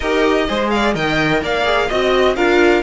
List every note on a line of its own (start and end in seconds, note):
0.00 0.48 D#4
0.00 0.48 G4
0.00 0.46 A#4
0.00 0.68 D#5
0.47 0.94 G#3
0.47 0.94 G#4
0.47 0.71 C5
0.70 0.94 D5
0.70 0.93 F5
0.94 1.42 D#3
0.94 1.64 A#4
0.94 1.42 D#5
0.94 1.42 G5
1.42 1.89 A#3
1.42 1.87 D5
1.42 1.90 F5
1.64 1.87 G#4
1.87 2.36 C4
1.87 2.35 F#4
1.87 2.34 D#5
1.87 2.36 D#5
2.35 2.82 D4
2.35 2.82 F4
2.35 2.82 A#4
2.35 2.82 F5